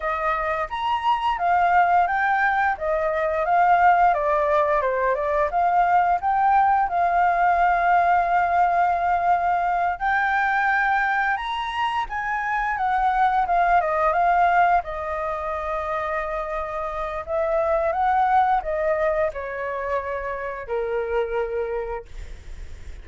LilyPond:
\new Staff \with { instrumentName = "flute" } { \time 4/4 \tempo 4 = 87 dis''4 ais''4 f''4 g''4 | dis''4 f''4 d''4 c''8 d''8 | f''4 g''4 f''2~ | f''2~ f''8 g''4.~ |
g''8 ais''4 gis''4 fis''4 f''8 | dis''8 f''4 dis''2~ dis''8~ | dis''4 e''4 fis''4 dis''4 | cis''2 ais'2 | }